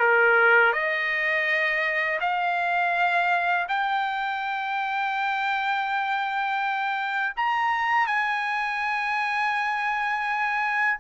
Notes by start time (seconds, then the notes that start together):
0.00 A#4
0.73 D#5
2.21 F5
3.69 G5
7.37 A#5
8.07 G#5